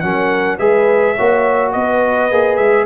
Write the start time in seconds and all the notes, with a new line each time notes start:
0.00 F#3 C#4 A#4 F#5
0.58 G#3 G#4 B4 E5
1.14 A#3 F#4 C#5
1.72 B3 B4 D#5
2.31 A#3 G#4
2.56 G#3 E5